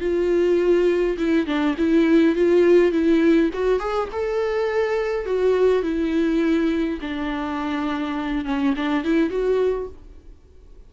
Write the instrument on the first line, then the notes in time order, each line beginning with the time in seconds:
viola
0.00 F4
1.18 E4
1.46 D4
1.77 E4
2.35 F4
2.92 E4
3.53 F#4
3.79 G#4
4.12 A4
5.26 F#4
5.82 E4
7.01 D4
8.45 C#4
8.76 D4
9.04 E4
9.29 F#4